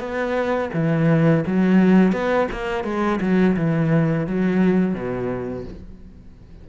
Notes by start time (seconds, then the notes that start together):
0.00 B3
0.74 E3
1.47 F#3
2.13 B3
2.52 A#3
2.85 G#3
3.21 F#3
3.57 E3
4.27 F#3
4.94 B2